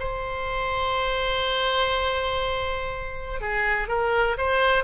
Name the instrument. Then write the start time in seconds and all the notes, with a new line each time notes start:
oboe
0.00 C5
3.41 G#4
3.88 A#4
4.38 C5